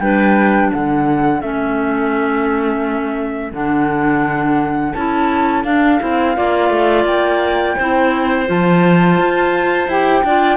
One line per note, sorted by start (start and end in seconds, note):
0.00 0.71 G3
0.00 1.42 D4
0.00 0.72 B4
0.00 0.71 G5
0.72 1.42 D3
0.72 6.36 A4
0.72 1.41 F#5
1.41 3.52 A3
1.41 3.53 C#4
1.41 3.53 E5
3.52 4.94 D3
3.52 4.94 D4
3.52 4.93 F#5
4.93 5.64 C#4
4.93 5.66 E4
4.93 5.64 A5
5.64 6.00 D4
5.64 7.06 F5
6.00 6.38 C4
6.00 6.35 E4
6.35 6.70 A#3
6.35 7.77 F4
6.35 7.77 D5
6.70 7.05 A3
7.05 7.75 A#3
7.05 8.47 G5
7.77 8.49 C4
7.77 8.47 E4
7.77 10.24 C5
8.47 9.19 F3
8.47 9.88 F4
8.47 9.90 A5
9.19 9.88 F4
9.88 10.23 E4
9.88 10.25 G4
9.88 10.57 G5
10.24 10.57 D4
10.24 10.57 F4
10.24 10.57 D5